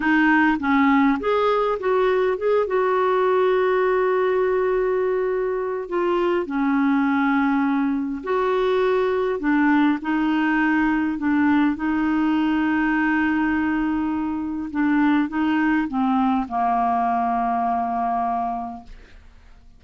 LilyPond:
\new Staff \with { instrumentName = "clarinet" } { \time 4/4 \tempo 4 = 102 dis'4 cis'4 gis'4 fis'4 | gis'8 fis'2.~ fis'8~ | fis'2 f'4 cis'4~ | cis'2 fis'2 |
d'4 dis'2 d'4 | dis'1~ | dis'4 d'4 dis'4 c'4 | ais1 | }